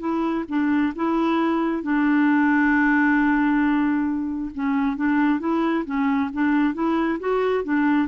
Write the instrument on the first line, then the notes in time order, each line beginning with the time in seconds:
clarinet
0.00 E4
0.49 D4
0.96 E4
1.83 D4
4.55 C#4
4.97 D4
5.40 E4
5.85 C#4
6.33 D4
6.74 E4
7.20 F#4
7.64 D4